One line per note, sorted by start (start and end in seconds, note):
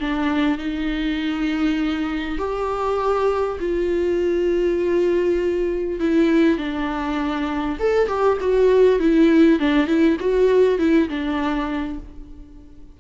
0.00 0.58 D4
0.58 2.38 D#4
2.38 3.58 G4
3.60 6.00 F4
6.00 6.58 E4
6.58 7.78 D4
7.79 8.08 A4
8.08 8.38 G4
8.41 8.99 F#4
8.99 9.59 E4
9.59 9.87 D4
9.87 10.17 E4
10.20 10.79 F#4
10.79 11.09 E4
11.09 11.99 D4